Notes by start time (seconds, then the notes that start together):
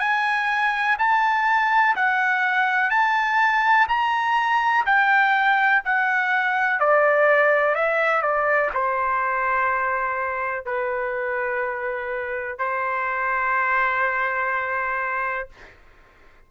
0.00 G#5
0.99 A5
1.96 F#5
2.91 A5
3.88 A#5
4.86 G5
5.85 F#5
6.80 D5
7.76 E5
8.22 D5
8.74 C5
10.66 B4
12.59 C5